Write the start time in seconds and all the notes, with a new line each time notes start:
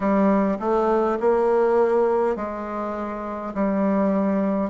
0.00 G3
0.59 A3
1.20 A#3
2.35 G#3
3.54 G3